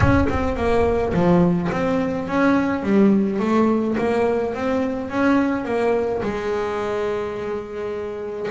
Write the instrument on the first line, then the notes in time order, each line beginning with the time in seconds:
double bass
0.00 C#4
0.29 C4
0.56 A#3
1.13 F3
1.72 C4
2.27 C#4
2.83 G3
3.39 A3
3.97 A#3
4.54 C4
5.09 C#4
5.64 A#3
6.22 G#3